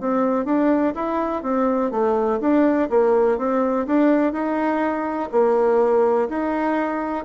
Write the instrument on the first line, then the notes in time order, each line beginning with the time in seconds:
bassoon
0.00 C4
0.45 D4
0.95 E4
1.43 C4
1.91 A3
2.41 D4
2.90 A#3
3.38 C4
3.87 D4
4.32 D#4
5.32 A#3
6.29 D#4